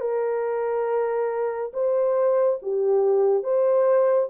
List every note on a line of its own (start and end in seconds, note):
0.00 1.71 A#4
1.73 2.59 C5
2.62 3.43 G4
3.43 4.29 C5